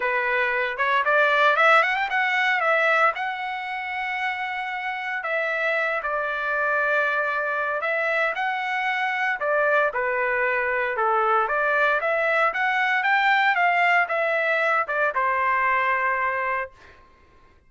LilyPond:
\new Staff \with { instrumentName = "trumpet" } { \time 4/4 \tempo 4 = 115 b'4. cis''8 d''4 e''8 fis''16 g''16 | fis''4 e''4 fis''2~ | fis''2 e''4. d''8~ | d''2. e''4 |
fis''2 d''4 b'4~ | b'4 a'4 d''4 e''4 | fis''4 g''4 f''4 e''4~ | e''8 d''8 c''2. | }